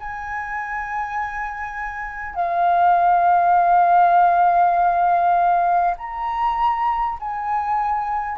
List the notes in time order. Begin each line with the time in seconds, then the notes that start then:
0.00 G#5
2.35 F5
5.97 A#5
7.19 G#5